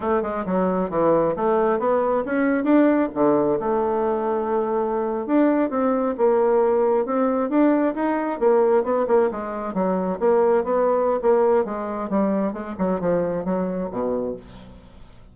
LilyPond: \new Staff \with { instrumentName = "bassoon" } { \time 4/4 \tempo 4 = 134 a8 gis8 fis4 e4 a4 | b4 cis'4 d'4 d4 | a2.~ a8. d'16~ | d'8. c'4 ais2 c'16~ |
c'8. d'4 dis'4 ais4 b16~ | b16 ais8 gis4 fis4 ais4 b16~ | b4 ais4 gis4 g4 | gis8 fis8 f4 fis4 b,4 | }